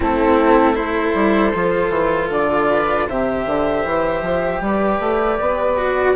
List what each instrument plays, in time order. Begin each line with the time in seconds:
0.00 bassoon A3, cello C4, viola E4, flute A4
0.74 cello E4, viola A4, flute C5
1.14 bassoon G3
1.54 bassoon F3, cello F4
1.89 bassoon E3
2.29 bassoon D3, flute D5
2.70 viola B4
3.07 bassoon C3, cello G4, viola C5, flute E5
3.46 bassoon D3
3.84 bassoon E3
4.21 bassoon F3
4.60 bassoon G3, viola B4, flute D5
4.99 bassoon A3
5.40 bassoon B3
5.77 cello F#4